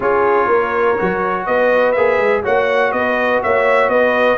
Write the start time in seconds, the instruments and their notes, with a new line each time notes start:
0.00 tuba C#4, trombone F4, horn G#4, trumpet C#5
0.46 tuba A#3, horn A#4
0.98 tuba F#3, trombone F#4
1.46 tuba B3, horn B4, trumpet D#5
1.92 tuba A#3, trombone G#4, trumpet E5
2.18 tuba G#3
2.43 tuba A#3, trombone F#4, horn C#5, trumpet F#5
2.92 tuba B3, horn B4, trumpet D#5
3.43 tuba A#3, horn C#5, trumpet E5
3.88 tuba B3, horn B4, trumpet D#5